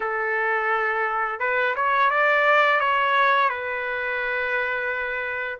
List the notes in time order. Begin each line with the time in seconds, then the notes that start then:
0.00 A4
1.40 B4
1.75 C#5
2.10 D5
2.79 C#5
3.49 B4